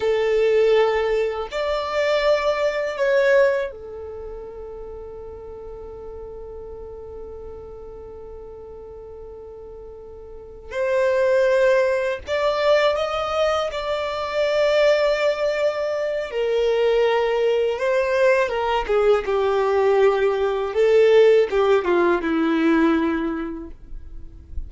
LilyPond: \new Staff \with { instrumentName = "violin" } { \time 4/4 \tempo 4 = 81 a'2 d''2 | cis''4 a'2.~ | a'1~ | a'2~ a'8 c''4.~ |
c''8 d''4 dis''4 d''4.~ | d''2 ais'2 | c''4 ais'8 gis'8 g'2 | a'4 g'8 f'8 e'2 | }